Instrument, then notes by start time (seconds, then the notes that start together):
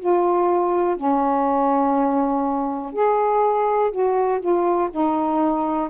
saxophone
0.00 F4
0.97 C#4
2.93 G#4
3.92 F#4
4.40 F4
4.91 D#4